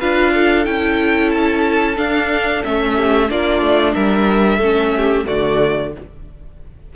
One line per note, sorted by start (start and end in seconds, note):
0.00 0.67 D4
0.00 0.65 F4
0.00 0.33 B4
0.00 0.65 F5
0.34 2.96 A4
0.65 1.98 C#4
0.65 1.97 E4
0.65 1.31 G5
1.31 1.97 A5
1.97 2.62 D4
1.97 2.65 D4
1.97 2.64 F5
2.65 3.31 A3
2.65 3.29 C#4
2.65 3.31 E5
2.96 3.29 G4
3.29 3.62 A#3
3.29 4.61 D4
3.29 3.95 F4
3.29 3.94 D5
3.62 3.95 A3
3.94 4.59 G3
3.94 4.59 A#4
3.94 5.26 E5
4.59 5.25 A3
4.59 5.26 C#4
4.59 4.91 A4
4.97 5.27 G4
5.26 5.96 D3
5.26 5.92 A3
5.26 5.93 F#4
5.26 5.93 D5